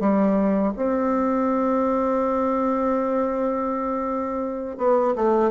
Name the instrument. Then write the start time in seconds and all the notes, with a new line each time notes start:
bassoon
0.00 G3
0.76 C4
4.78 B3
5.16 A3